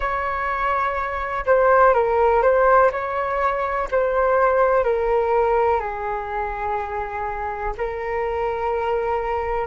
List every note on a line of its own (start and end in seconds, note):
0.00 1.45 C#5
1.46 1.94 C5
1.94 2.42 A#4
2.42 2.90 C5
2.91 3.88 C#5
3.91 4.83 C5
4.83 5.79 A#4
5.79 7.73 G#4
7.77 9.67 A#4